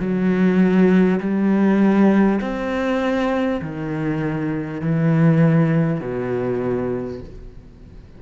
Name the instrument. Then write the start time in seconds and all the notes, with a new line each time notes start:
cello
0.00 F#3
1.21 G3
2.41 C4
3.62 D#3
4.81 E3
6.01 B2